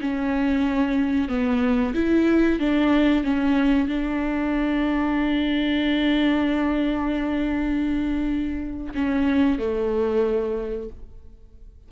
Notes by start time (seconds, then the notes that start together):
0.00 C#4
1.28 B3
1.94 E4
2.59 D4
3.23 C#4
3.87 D4
8.94 C#4
9.58 A3